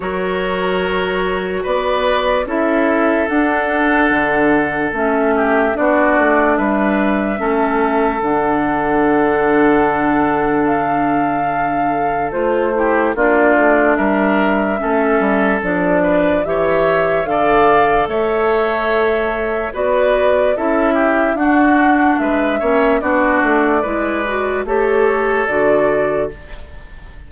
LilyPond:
<<
  \new Staff \with { instrumentName = "flute" } { \time 4/4 \tempo 4 = 73 cis''2 d''4 e''4 | fis''2 e''4 d''4 | e''2 fis''2~ | fis''4 f''2 c''4 |
d''4 e''2 d''4 | e''4 f''4 e''2 | d''4 e''4 fis''4 e''4 | d''2 cis''4 d''4 | }
  \new Staff \with { instrumentName = "oboe" } { \time 4/4 ais'2 b'4 a'4~ | a'2~ a'8 g'8 fis'4 | b'4 a'2.~ | a'2.~ a'8 g'8 |
f'4 ais'4 a'4. b'8 | cis''4 d''4 cis''2 | b'4 a'8 g'8 fis'4 b'8 cis''8 | fis'4 b'4 a'2 | }
  \new Staff \with { instrumentName = "clarinet" } { \time 4/4 fis'2. e'4 | d'2 cis'4 d'4~ | d'4 cis'4 d'2~ | d'2. f'8 e'8 |
d'2 cis'4 d'4 | g'4 a'2. | fis'4 e'4 d'4. cis'8 | d'4 e'8 fis'8 g'4 fis'4 | }
  \new Staff \with { instrumentName = "bassoon" } { \time 4/4 fis2 b4 cis'4 | d'4 d4 a4 b8 a8 | g4 a4 d2~ | d2. a4 |
ais8 a8 g4 a8 g8 f4 | e4 d4 a2 | b4 cis'4 d'4 gis8 ais8 | b8 a8 gis4 a4 d4 | }
>>